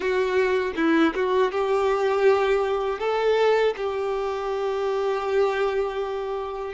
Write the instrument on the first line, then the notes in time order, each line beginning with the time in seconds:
violin
0.00 F#4
0.76 E4
1.15 F#4
1.51 G4
2.99 A4
3.76 G4